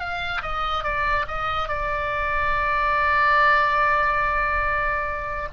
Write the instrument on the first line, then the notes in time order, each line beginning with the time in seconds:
oboe
0.00 F5
0.43 D#5
0.84 D5
1.28 D#5
1.69 D5